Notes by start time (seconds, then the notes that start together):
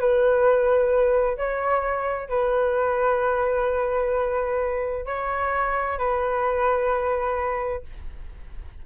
0.00 B4
1.38 C#5
2.29 B4
5.06 C#5
5.99 B4